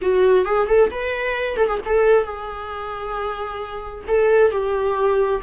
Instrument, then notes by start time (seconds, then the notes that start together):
viola
0.01 F#4
0.45 G#4
0.67 A4
0.90 B4
1.56 A4
1.67 G#4
1.85 A4
2.24 G#4
4.07 A4
4.51 G4